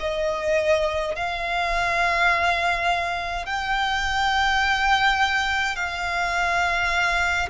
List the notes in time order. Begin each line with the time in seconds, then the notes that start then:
0.00 D#5
1.15 F5
3.46 G5
5.76 F5